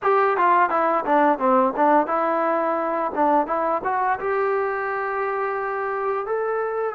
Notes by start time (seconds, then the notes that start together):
0.02 G4
0.37 F4
0.69 E4
1.05 D4
1.38 C4
1.76 D4
2.06 E4
3.14 D4
3.46 E4
3.84 F#4
4.19 G4
6.26 A4